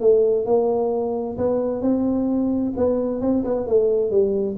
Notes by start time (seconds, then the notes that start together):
0.00 A3
0.45 A#3
1.37 B3
1.81 C4
2.76 B3
3.21 C4
3.44 B3
3.66 A3
4.10 G3